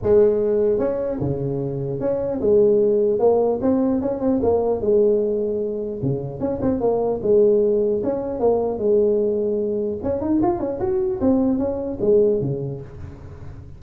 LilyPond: \new Staff \with { instrumentName = "tuba" } { \time 4/4 \tempo 4 = 150 gis2 cis'4 cis4~ | cis4 cis'4 gis2 | ais4 c'4 cis'8 c'8 ais4 | gis2. cis4 |
cis'8 c'8 ais4 gis2 | cis'4 ais4 gis2~ | gis4 cis'8 dis'8 f'8 cis'8 fis'4 | c'4 cis'4 gis4 cis4 | }